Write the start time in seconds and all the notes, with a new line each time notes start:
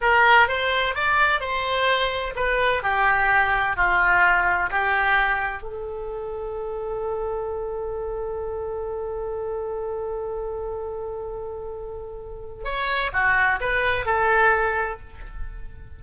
0.01 A#4
0.48 C5
0.95 D5
1.40 C5
2.35 B4
2.83 G4
3.76 F4
4.70 G4
5.62 A4
12.64 C#5
13.12 F#4
13.60 B4
14.05 A4